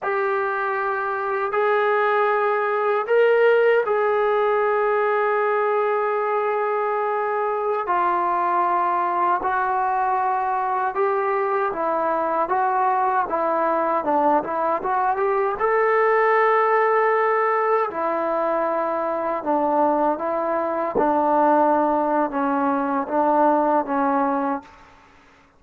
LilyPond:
\new Staff \with { instrumentName = "trombone" } { \time 4/4 \tempo 4 = 78 g'2 gis'2 | ais'4 gis'2.~ | gis'2~ gis'16 f'4.~ f'16~ | f'16 fis'2 g'4 e'8.~ |
e'16 fis'4 e'4 d'8 e'8 fis'8 g'16~ | g'16 a'2. e'8.~ | e'4~ e'16 d'4 e'4 d'8.~ | d'4 cis'4 d'4 cis'4 | }